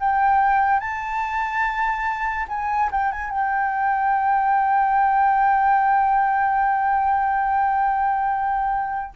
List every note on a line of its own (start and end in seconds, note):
0.00 0.80 G5
0.80 2.47 A5
2.48 2.90 G#5
2.92 3.12 G5
3.12 3.31 G#5
3.31 9.14 G5